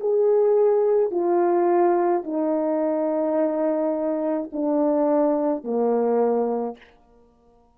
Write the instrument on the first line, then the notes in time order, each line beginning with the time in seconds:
horn
0.00 G#4
1.11 F4
2.23 D#4
4.52 D4
5.63 A#3